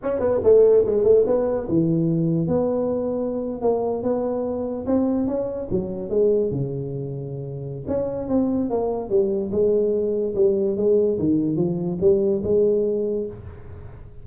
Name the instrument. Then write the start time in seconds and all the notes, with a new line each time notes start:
tuba
0.02 C#4
0.19 B3
0.43 A3
0.85 G#3
1.04 A3
1.26 B3
1.68 E3
2.47 B3
3.61 A#3
4.03 B3
4.86 C4
5.27 C#4
5.70 F#3
6.09 G#3
6.51 C#3
7.87 C#4
8.28 C4
8.70 A#3
9.09 G3
9.51 G#3
10.35 G3
10.77 G#3
11.18 D#3
11.56 F3
12.00 G3
12.43 G#3